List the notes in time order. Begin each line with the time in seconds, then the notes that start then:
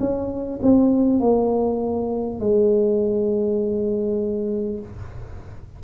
0.00 C#4
0.63 C4
1.20 A#3
2.40 G#3